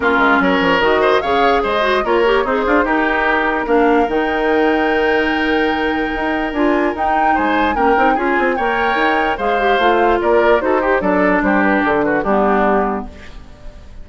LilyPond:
<<
  \new Staff \with { instrumentName = "flute" } { \time 4/4 \tempo 4 = 147 ais'4 cis''4 dis''4 f''4 | dis''4 cis''4 c''4 ais'4~ | ais'4 f''4 g''2~ | g''1 |
gis''4 g''4 gis''4 g''4 | gis''4 g''2 f''4~ | f''4 d''4 c''4 d''4 | c''8 b'8 a'8 b'8 g'2 | }
  \new Staff \with { instrumentName = "oboe" } { \time 4/4 f'4 ais'4. c''8 cis''4 | c''4 ais'4 dis'8 f'8 g'4~ | g'4 ais'2.~ | ais'1~ |
ais'2 c''4 ais'4 | gis'4 cis''2 c''4~ | c''4 ais'4 a'8 g'8 a'4 | g'4. fis'8 d'2 | }
  \new Staff \with { instrumentName = "clarinet" } { \time 4/4 cis'2 fis'4 gis'4~ | gis'8 fis'8 f'8 g'8 gis'4 dis'4~ | dis'4 d'4 dis'2~ | dis'1 |
f'4 dis'2 cis'8 dis'8 | f'4 ais'2 gis'8 g'8 | f'2 fis'8 g'8 d'4~ | d'2 b2 | }
  \new Staff \with { instrumentName = "bassoon" } { \time 4/4 ais8 gis8 fis8 f8 dis4 cis4 | gis4 ais4 c'8 d'8 dis'4~ | dis'4 ais4 dis2~ | dis2. dis'4 |
d'4 dis'4 gis4 ais8 c'8 | cis'8 c'8 ais4 dis'4 gis4 | a4 ais4 dis'4 fis4 | g4 d4 g2 | }
>>